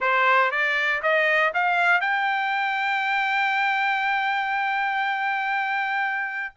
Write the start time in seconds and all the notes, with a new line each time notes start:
0.00 C5
0.51 D5
1.02 D#5
1.54 F5
2.00 G5